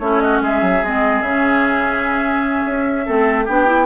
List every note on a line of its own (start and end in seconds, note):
0.00 0.41 A3
0.00 0.84 C#4
0.00 0.22 E4
0.00 0.21 C#5
0.21 0.43 F#4
0.21 0.41 D#5
0.42 0.62 G#3
0.42 3.06 G#4
0.42 0.85 E5
0.62 0.82 F#3
0.83 1.22 G#3
0.83 1.25 C4
0.83 1.23 D#5
1.22 2.64 C#3
1.22 3.06 C#4
1.22 3.47 E5
2.66 3.07 C#4
3.06 3.48 A3
3.06 3.47 C4
3.06 3.45 A4
3.45 3.87 B3
3.45 3.66 D4
3.45 3.86 G4
3.45 3.87 G5
3.66 3.87 E4